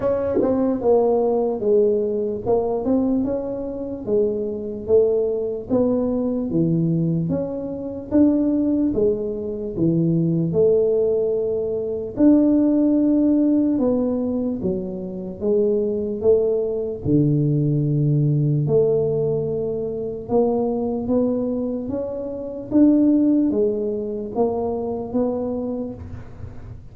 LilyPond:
\new Staff \with { instrumentName = "tuba" } { \time 4/4 \tempo 4 = 74 cis'8 c'8 ais4 gis4 ais8 c'8 | cis'4 gis4 a4 b4 | e4 cis'4 d'4 gis4 | e4 a2 d'4~ |
d'4 b4 fis4 gis4 | a4 d2 a4~ | a4 ais4 b4 cis'4 | d'4 gis4 ais4 b4 | }